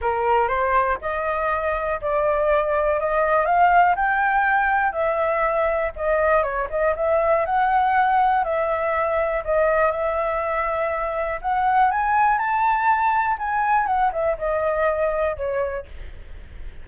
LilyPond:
\new Staff \with { instrumentName = "flute" } { \time 4/4 \tempo 4 = 121 ais'4 c''4 dis''2 | d''2 dis''4 f''4 | g''2 e''2 | dis''4 cis''8 dis''8 e''4 fis''4~ |
fis''4 e''2 dis''4 | e''2. fis''4 | gis''4 a''2 gis''4 | fis''8 e''8 dis''2 cis''4 | }